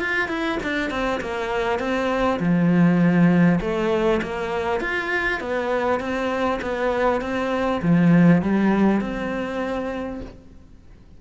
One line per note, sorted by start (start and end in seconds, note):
0.00 0.28 F4
0.28 0.58 E4
0.63 0.90 D4
0.90 1.20 C4
1.21 1.79 A#3
1.79 2.39 C4
2.39 3.59 F3
3.61 4.21 A3
4.22 4.80 A#3
4.80 5.40 F4
5.40 6.00 B3
6.00 6.60 C4
6.61 7.21 B3
7.21 7.81 C4
7.82 8.42 F3
8.42 9.01 G3
9.01 10.21 C4